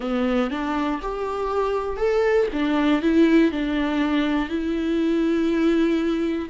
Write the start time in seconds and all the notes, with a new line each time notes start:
0.00 B3
0.50 D4
1.02 G4
1.96 A4
2.52 D4
3.02 E4
3.51 D4
4.48 E4